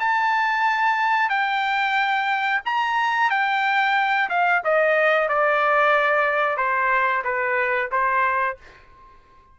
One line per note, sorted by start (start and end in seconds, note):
0.00 1.29 A5
1.29 2.61 G5
2.66 3.30 A#5
3.30 4.29 G5
4.29 4.62 F5
4.64 5.29 D#5
5.29 6.57 D5
6.57 7.23 C5
7.24 7.90 B4
7.92 8.57 C5